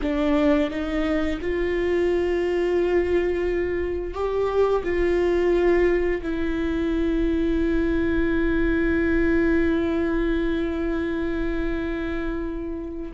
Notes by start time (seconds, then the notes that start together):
0.01 D4
0.70 D#4
1.41 F4
4.13 G4
4.83 F4
6.22 E4